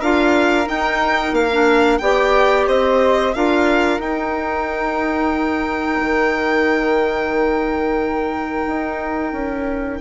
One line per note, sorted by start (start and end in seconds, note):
0.00 0.68 D4
0.00 0.65 F4
0.00 2.00 A#4
0.00 0.68 F5
0.65 1.48 D#4
0.65 1.33 D#4
0.65 1.35 G5
1.33 1.99 A#3
1.33 1.98 F5
1.52 2.02 D4
1.98 2.68 B3
1.98 3.35 G4
1.98 2.68 D5
1.98 2.65 G5
2.68 3.35 C4
2.68 3.35 C5
2.68 3.35 D#5
3.35 4.00 D4
3.35 4.01 F4
3.35 10.01 A#4
3.35 4.01 F5
4.00 6.00 D#4
4.00 10.01 D#4
4.00 10.01 G5
6.01 8.67 D#3
8.67 9.33 D#4
9.33 9.99 C#4